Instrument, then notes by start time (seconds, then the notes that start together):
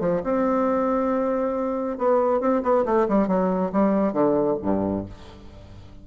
bassoon
0.00 F3
0.24 C4
1.98 B3
2.40 C4
2.63 B3
2.85 A3
3.08 G3
3.28 F#3
3.72 G3
4.13 D3
4.62 G2